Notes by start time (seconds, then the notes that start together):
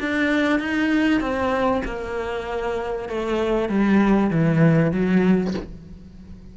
0.00 D4
0.60 D#4
1.21 C4
1.86 A#3
3.09 A3
3.69 G3
4.31 E3
4.92 F#3